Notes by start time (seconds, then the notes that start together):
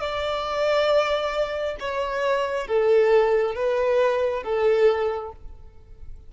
0.00 D5
1.79 C#5
2.67 A4
3.55 B4
4.43 A4